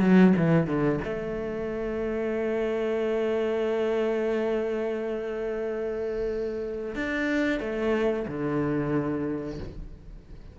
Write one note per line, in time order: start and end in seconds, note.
0.00 0.33 F#3
0.37 0.67 E3
0.67 1.00 D3
1.04 6.95 A3
6.95 7.60 D4
7.60 8.26 A3
8.27 9.59 D3